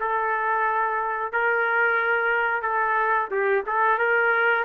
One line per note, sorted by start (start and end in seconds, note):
0.00 1.32 A4
1.32 2.62 A#4
2.62 3.29 A4
3.31 3.64 G4
3.66 3.98 A4
3.98 4.65 A#4